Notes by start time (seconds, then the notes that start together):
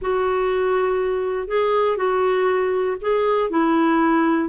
0.01 F#4
1.47 G#4
1.97 F#4
3.01 G#4
3.50 E4